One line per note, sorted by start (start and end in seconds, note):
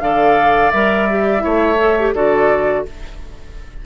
0.00 0.71 D3
0.00 0.72 A4
0.00 1.44 D5
0.00 0.71 F5
0.71 1.44 G3
0.71 1.09 A#4
0.71 2.12 E5
1.10 1.39 G4
1.39 2.14 A3
1.39 1.74 E4
1.39 2.14 C#5
1.80 1.97 A4
1.99 2.15 G4
2.14 2.84 D3
2.14 2.86 F#4
2.14 2.85 A4
2.14 2.85 D5